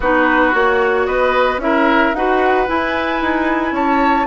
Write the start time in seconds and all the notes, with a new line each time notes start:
0.00 B3 D#4 F#4 B4
0.51 A#3 F#4 C#5
1.06 B3 B4 D#5
1.57 C#4 E4 A#4 E5
2.14 D#4 F#4 B4 F#5
2.66 E4 G#5
3.21 D#4
3.71 C#4 C#5 A5